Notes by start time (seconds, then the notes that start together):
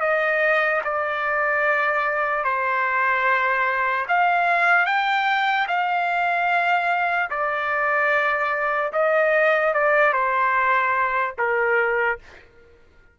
0.00 D#5
0.84 D5
2.44 C5
4.08 F5
4.86 G5
5.67 F5
7.30 D5
8.92 D#5
9.73 D5
10.13 C5
11.38 A#4